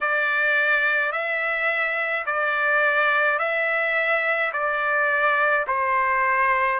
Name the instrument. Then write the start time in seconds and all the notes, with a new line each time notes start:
trumpet
0.00 D5
1.12 E5
2.25 D5
3.39 E5
4.52 D5
5.67 C5